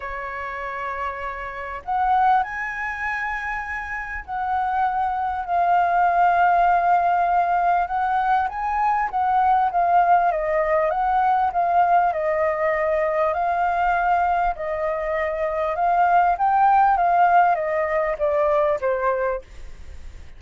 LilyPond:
\new Staff \with { instrumentName = "flute" } { \time 4/4 \tempo 4 = 99 cis''2. fis''4 | gis''2. fis''4~ | fis''4 f''2.~ | f''4 fis''4 gis''4 fis''4 |
f''4 dis''4 fis''4 f''4 | dis''2 f''2 | dis''2 f''4 g''4 | f''4 dis''4 d''4 c''4 | }